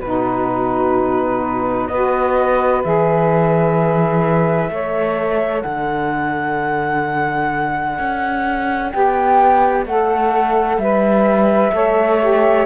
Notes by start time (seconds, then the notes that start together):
0.00 B2 D#4 F#4 B4
1.87 B3 F#4 B4 D#5
2.83 E3 G#4 E5
4.70 A3 A4 C#5
5.61 D3 D5 F#5
7.98 C#4
8.91 B3 G4 G5
9.85 A3 A4 F#5
10.77 G3 B4 E5
11.71 A3 A4 C#5
12.21 G4